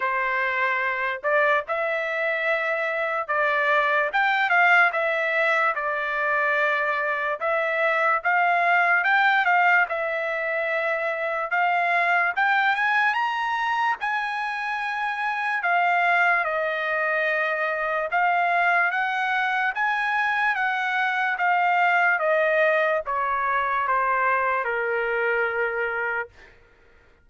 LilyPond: \new Staff \with { instrumentName = "trumpet" } { \time 4/4 \tempo 4 = 73 c''4. d''8 e''2 | d''4 g''8 f''8 e''4 d''4~ | d''4 e''4 f''4 g''8 f''8 | e''2 f''4 g''8 gis''8 |
ais''4 gis''2 f''4 | dis''2 f''4 fis''4 | gis''4 fis''4 f''4 dis''4 | cis''4 c''4 ais'2 | }